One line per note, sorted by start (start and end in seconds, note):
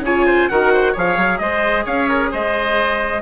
0.00 0.45 C#3
0.00 0.50 F4
0.00 0.26 C#5
0.00 0.48 G#5
0.26 0.48 C5
0.48 0.95 D#3
0.48 0.95 F#4
0.48 0.73 A#4
0.48 0.94 F#5
0.73 0.92 C5
0.92 1.17 F3
0.92 3.22 G#4
0.92 1.38 C#5
0.92 1.38 F5
1.17 1.39 F#3
1.38 1.85 G#3
1.38 1.85 C5
1.38 1.84 D#5
1.85 2.31 C#4
1.85 2.30 C#5
1.85 2.09 F5
2.09 2.32 A#4
2.31 3.22 G#3
2.31 3.22 C5
2.31 3.22 D#5